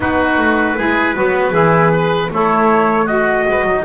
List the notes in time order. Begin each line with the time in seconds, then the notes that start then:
0.00 B3 D#4 F#4 B4
0.37 A3
0.77 G#3 E4 G#4
1.14 F#3 B3 F#4
1.50 E3 E4 G#4
1.92 B4
2.30 A3 E4 A4 C#5
3.05 F#4 D#5
3.47 G#3 B4
3.63 F#3 D#4